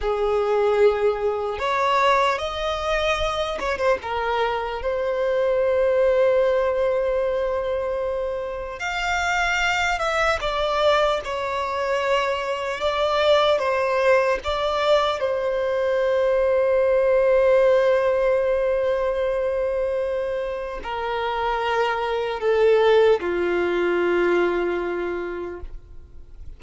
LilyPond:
\new Staff \with { instrumentName = "violin" } { \time 4/4 \tempo 4 = 75 gis'2 cis''4 dis''4~ | dis''8 cis''16 c''16 ais'4 c''2~ | c''2. f''4~ | f''8 e''8 d''4 cis''2 |
d''4 c''4 d''4 c''4~ | c''1~ | c''2 ais'2 | a'4 f'2. | }